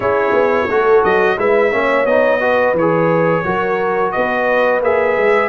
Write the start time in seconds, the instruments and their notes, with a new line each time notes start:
0.00 tuba C#4, trombone E4, horn G#4, trumpet C#5
0.32 tuba B3
0.68 tuba A3, trombone F#4, horn A4
1.03 tuba F#3, trumpet D#5
1.37 tuba G#3, trombone E4, horn B4, trumpet E5
1.71 tuba A#3, trombone C#4, horn C#5
2.04 tuba B3, trombone D#4, trumpet D#5
2.40 trombone F#4, horn B4
2.73 tuba E3, trumpet C#5
2.80 trombone G#4
3.44 tuba F#3, trombone F#4, horn A#4
4.11 tuba B3, horn B4, trumpet D#5
4.81 tuba A#3, trombone G#4, trumpet E5
5.16 tuba G#3